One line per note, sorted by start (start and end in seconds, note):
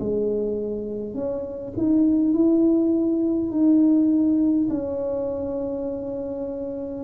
0.00 1.14 G#3
1.14 1.73 C#4
1.77 2.34 D#4
2.34 3.51 E4
3.51 4.69 D#4
4.70 7.04 C#4